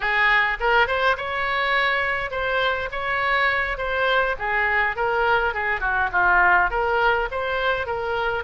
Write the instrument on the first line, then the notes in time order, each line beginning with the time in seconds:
oboe
0.00 G#4
0.60 A#4
0.87 C5
1.17 C#5
2.30 C5
2.91 C#5
3.77 C5
4.38 G#4
4.96 A#4
5.53 G#4
5.80 F#4
6.12 F4
6.70 A#4
7.31 C5
7.86 A#4